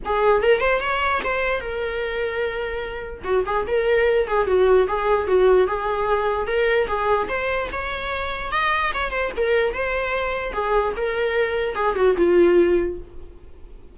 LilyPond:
\new Staff \with { instrumentName = "viola" } { \time 4/4 \tempo 4 = 148 gis'4 ais'8 c''8 cis''4 c''4 | ais'1 | fis'8 gis'8 ais'4. gis'8 fis'4 | gis'4 fis'4 gis'2 |
ais'4 gis'4 c''4 cis''4~ | cis''4 dis''4 cis''8 c''8 ais'4 | c''2 gis'4 ais'4~ | ais'4 gis'8 fis'8 f'2 | }